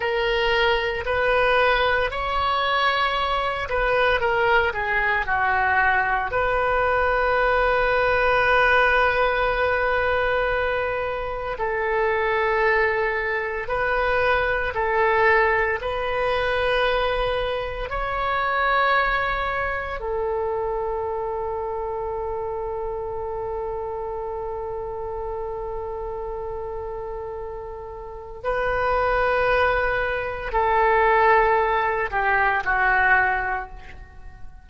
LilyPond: \new Staff \with { instrumentName = "oboe" } { \time 4/4 \tempo 4 = 57 ais'4 b'4 cis''4. b'8 | ais'8 gis'8 fis'4 b'2~ | b'2. a'4~ | a'4 b'4 a'4 b'4~ |
b'4 cis''2 a'4~ | a'1~ | a'2. b'4~ | b'4 a'4. g'8 fis'4 | }